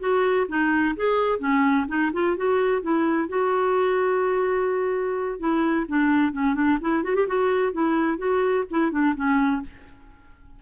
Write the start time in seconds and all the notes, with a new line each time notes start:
0.00 F#4
0.48 D#4
0.97 G#4
1.40 C#4
1.88 D#4
2.13 F4
2.37 F#4
2.82 E4
3.29 F#4
5.40 E4
5.88 D4
6.33 C#4
6.55 D4
6.81 E4
7.04 F#4
7.16 G4
7.28 F#4
7.73 E4
8.18 F#4
8.71 E4
8.92 D4
9.16 C#4